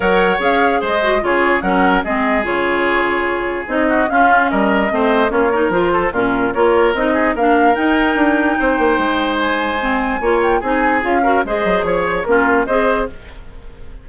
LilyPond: <<
  \new Staff \with { instrumentName = "flute" } { \time 4/4 \tempo 4 = 147 fis''4 f''4 dis''4 cis''4 | fis''4 dis''4 cis''2~ | cis''4 dis''4 f''4 dis''4~ | dis''4 cis''4 c''4 ais'4 |
cis''4 dis''4 f''4 g''4~ | g''2. gis''4~ | gis''4. g''8 gis''4 f''4 | dis''4 cis''8 c''16 cis''16 ais'4 dis''4 | }
  \new Staff \with { instrumentName = "oboe" } { \time 4/4 cis''2 c''4 gis'4 | ais'4 gis'2.~ | gis'4. fis'8 f'4 ais'4 | c''4 f'8 ais'4 a'8 f'4 |
ais'4. gis'8 ais'2~ | ais'4 c''2.~ | c''4 cis''4 gis'4. ais'8 | c''4 cis''4 f'4 c''4 | }
  \new Staff \with { instrumentName = "clarinet" } { \time 4/4 ais'4 gis'4. fis'8 f'4 | cis'4 c'4 f'2~ | f'4 dis'4 cis'2 | c'4 cis'8 dis'8 f'4 cis'4 |
f'4 dis'4 d'4 dis'4~ | dis'1 | c'4 f'4 dis'4 f'8 fis'8 | gis'2 cis'4 gis'4 | }
  \new Staff \with { instrumentName = "bassoon" } { \time 4/4 fis4 cis'4 gis4 cis4 | fis4 gis4 cis2~ | cis4 c'4 cis'4 g4 | a4 ais4 f4 ais,4 |
ais4 c'4 ais4 dis'4 | d'4 c'8 ais8 gis2~ | gis4 ais4 c'4 cis'4 | gis8 fis8 f4 ais4 c'4 | }
>>